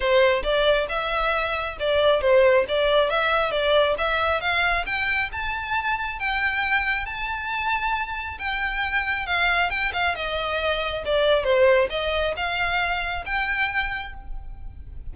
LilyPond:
\new Staff \with { instrumentName = "violin" } { \time 4/4 \tempo 4 = 136 c''4 d''4 e''2 | d''4 c''4 d''4 e''4 | d''4 e''4 f''4 g''4 | a''2 g''2 |
a''2. g''4~ | g''4 f''4 g''8 f''8 dis''4~ | dis''4 d''4 c''4 dis''4 | f''2 g''2 | }